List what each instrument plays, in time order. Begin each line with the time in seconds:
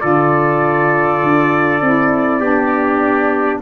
0.00 tuba D3, saxophone F4, trumpet A4 D5
1.23 tuba D4
1.81 tuba C4, saxophone E4
2.41 tuba B3, saxophone D4, trumpet G4